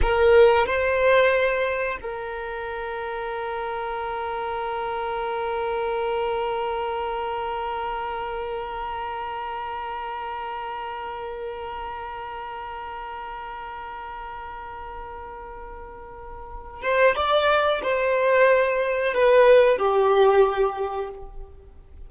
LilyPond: \new Staff \with { instrumentName = "violin" } { \time 4/4 \tempo 4 = 91 ais'4 c''2 ais'4~ | ais'1~ | ais'1~ | ais'1~ |
ais'1~ | ais'1~ | ais'4. c''8 d''4 c''4~ | c''4 b'4 g'2 | }